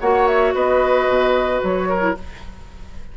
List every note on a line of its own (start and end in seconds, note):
0.00 0.54 A#3
0.00 2.00 F#4
0.00 0.54 C#5
0.00 0.27 F#5
0.27 0.53 E5
0.54 1.07 B3
0.54 1.88 B4
0.54 1.61 D#5
1.07 1.61 B2
1.63 2.16 F#3
1.63 2.17 C#5
1.89 2.15 A#4
2.00 2.14 E4